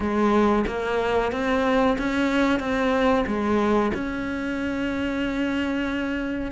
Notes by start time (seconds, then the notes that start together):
0.00 G#3
0.67 A#3
1.32 C4
1.98 C#4
2.59 C4
3.26 G#3
3.93 C#4